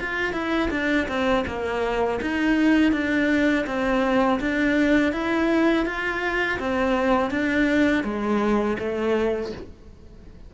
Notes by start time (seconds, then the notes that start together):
0.00 F4
0.33 E4
0.71 D4
1.08 C4
1.47 A#3
2.22 D#4
2.93 D4
3.67 C4
4.41 D4
5.13 E4
5.86 F4
6.60 C4
7.31 D4
8.04 G#3
8.79 A3